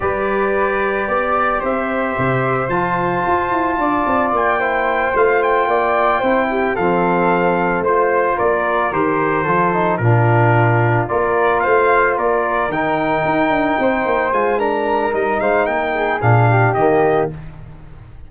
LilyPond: <<
  \new Staff \with { instrumentName = "trumpet" } { \time 4/4 \tempo 4 = 111 d''2. e''4~ | e''4 a''2. | g''4. f''8 g''2~ | g''8 f''2 c''4 d''8~ |
d''8 c''2 ais'4.~ | ais'8 d''4 f''4 d''4 g''8~ | g''2~ g''8 gis''8 ais''4 | dis''8 f''8 g''4 f''4 dis''4 | }
  \new Staff \with { instrumentName = "flute" } { \time 4/4 b'2 d''4 c''4~ | c''2. d''4~ | d''8 c''2 d''4 c''8 | g'8 a'2 c''4 ais'8~ |
ais'4. a'4 f'4.~ | f'8 ais'4 c''4 ais'4.~ | ais'4. c''4. ais'4~ | ais'8 c''8 ais'8 gis'4 g'4. | }
  \new Staff \with { instrumentName = "trombone" } { \time 4/4 g'1~ | g'4 f'2.~ | f'8 e'4 f'2 e'8~ | e'8 c'2 f'4.~ |
f'8 g'4 f'8 dis'8 d'4.~ | d'8 f'2. dis'8~ | dis'2~ dis'8 f'8 d'4 | dis'2 d'4 ais4 | }
  \new Staff \with { instrumentName = "tuba" } { \time 4/4 g2 b4 c'4 | c4 f4 f'8 e'8 d'8 c'8 | ais4. a4 ais4 c'8~ | c'8 f2 a4 ais8~ |
ais8 dis4 f4 ais,4.~ | ais,8 ais4 a4 ais4 dis8~ | dis8 dis'8 d'8 c'8 ais8 gis4. | g8 gis8 ais4 ais,4 dis4 | }
>>